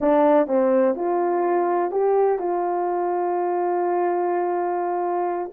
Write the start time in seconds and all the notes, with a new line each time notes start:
0.00 D4
0.47 C4
0.95 F4
1.91 G4
2.39 F4